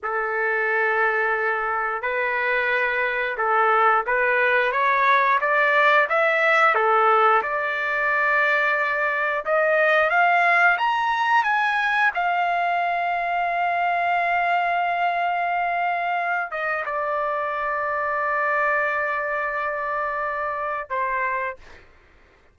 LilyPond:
\new Staff \with { instrumentName = "trumpet" } { \time 4/4 \tempo 4 = 89 a'2. b'4~ | b'4 a'4 b'4 cis''4 | d''4 e''4 a'4 d''4~ | d''2 dis''4 f''4 |
ais''4 gis''4 f''2~ | f''1~ | f''8 dis''8 d''2.~ | d''2. c''4 | }